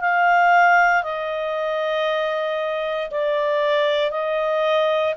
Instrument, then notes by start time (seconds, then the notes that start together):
clarinet
0.00 F5
1.03 D#5
3.11 D5
4.11 D#5